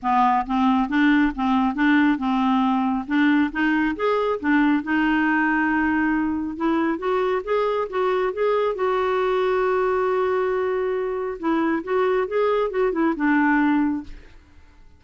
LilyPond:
\new Staff \with { instrumentName = "clarinet" } { \time 4/4 \tempo 4 = 137 b4 c'4 d'4 c'4 | d'4 c'2 d'4 | dis'4 gis'4 d'4 dis'4~ | dis'2. e'4 |
fis'4 gis'4 fis'4 gis'4 | fis'1~ | fis'2 e'4 fis'4 | gis'4 fis'8 e'8 d'2 | }